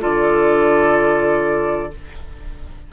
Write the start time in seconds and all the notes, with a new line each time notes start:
0.00 D3 F4 A4 D5